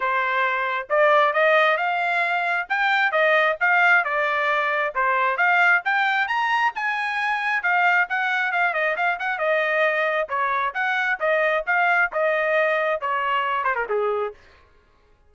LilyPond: \new Staff \with { instrumentName = "trumpet" } { \time 4/4 \tempo 4 = 134 c''2 d''4 dis''4 | f''2 g''4 dis''4 | f''4 d''2 c''4 | f''4 g''4 ais''4 gis''4~ |
gis''4 f''4 fis''4 f''8 dis''8 | f''8 fis''8 dis''2 cis''4 | fis''4 dis''4 f''4 dis''4~ | dis''4 cis''4. c''16 ais'16 gis'4 | }